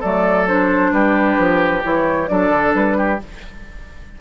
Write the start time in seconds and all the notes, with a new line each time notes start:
0.00 F#3 A3 A4 D5
0.48 D4 C5
0.92 G3 G4 B4
1.38 F3
1.82 E3 E4 C#5
2.28 F#3 D4 A4 D5
2.50 D3
2.75 G3 B4
2.97 G4